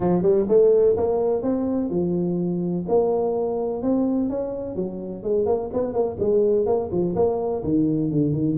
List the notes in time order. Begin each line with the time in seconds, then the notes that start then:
0.00 F3
0.22 G3
0.48 A3
0.96 A#3
1.42 C4
1.90 F3
2.88 A#3
3.82 C4
4.29 C#4
4.75 F#3
5.23 G#3
5.46 A#3
5.73 B3
5.93 A#3
6.19 G#3
6.65 A#3
6.91 F3
7.15 A#3
7.63 D#3
8.11 D3
8.32 D#3